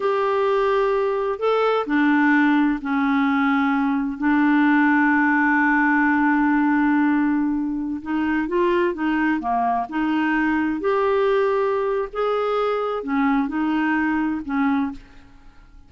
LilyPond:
\new Staff \with { instrumentName = "clarinet" } { \time 4/4 \tempo 4 = 129 g'2. a'4 | d'2 cis'2~ | cis'4 d'2.~ | d'1~ |
d'4~ d'16 dis'4 f'4 dis'8.~ | dis'16 ais4 dis'2 g'8.~ | g'2 gis'2 | cis'4 dis'2 cis'4 | }